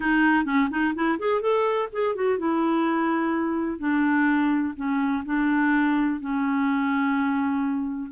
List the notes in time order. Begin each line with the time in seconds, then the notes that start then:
0.00 D#4
0.45 C#4
0.70 D#4
0.94 E4
1.18 G#4
1.41 A4
1.92 G#4
2.15 F#4
2.38 E4
3.79 D4
4.76 C#4
5.25 D4
6.20 C#4